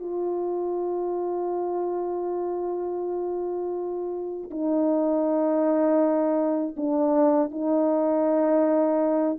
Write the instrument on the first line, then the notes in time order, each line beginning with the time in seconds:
horn
0.00 F4
4.51 D#4
6.77 D4
7.51 D#4